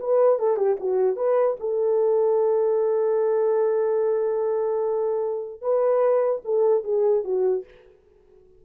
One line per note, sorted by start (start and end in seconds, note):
0.00 0.39 B4
0.39 0.56 A4
0.56 0.77 G4
0.80 1.16 F#4
1.16 1.56 B4
1.60 5.61 A4
5.61 6.42 B4
6.45 6.84 A4
6.84 7.24 G#4
7.24 7.65 F#4